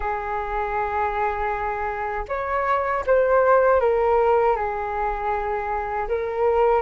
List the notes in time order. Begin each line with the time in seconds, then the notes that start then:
0.00 G#4
2.28 C#5
3.06 C5
3.80 A#4
4.56 G#4
6.08 A#4